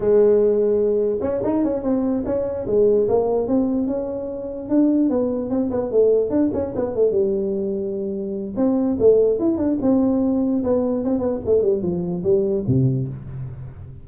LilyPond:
\new Staff \with { instrumentName = "tuba" } { \time 4/4 \tempo 4 = 147 gis2. cis'8 dis'8 | cis'8 c'4 cis'4 gis4 ais8~ | ais8 c'4 cis'2 d'8~ | d'8 b4 c'8 b8 a4 d'8 |
cis'8 b8 a8 g2~ g8~ | g4 c'4 a4 e'8 d'8 | c'2 b4 c'8 b8 | a8 g8 f4 g4 c4 | }